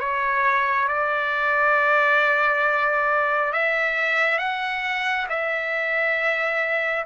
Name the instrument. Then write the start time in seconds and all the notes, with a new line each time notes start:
trumpet
0.00 C#5
0.88 D5
3.53 E5
4.38 F#5
5.29 E5